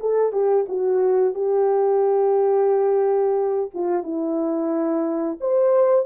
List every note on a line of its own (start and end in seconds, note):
0.00 0.33 A4
0.33 0.66 G4
0.69 1.35 F#4
1.35 3.70 G4
3.74 4.03 F4
4.03 5.38 E4
5.41 6.06 C5